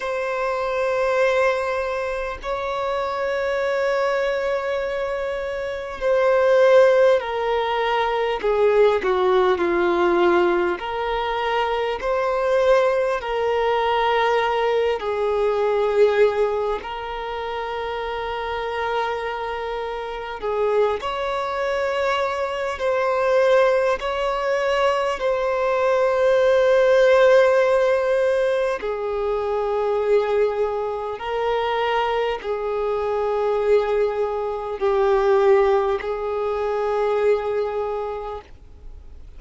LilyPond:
\new Staff \with { instrumentName = "violin" } { \time 4/4 \tempo 4 = 50 c''2 cis''2~ | cis''4 c''4 ais'4 gis'8 fis'8 | f'4 ais'4 c''4 ais'4~ | ais'8 gis'4. ais'2~ |
ais'4 gis'8 cis''4. c''4 | cis''4 c''2. | gis'2 ais'4 gis'4~ | gis'4 g'4 gis'2 | }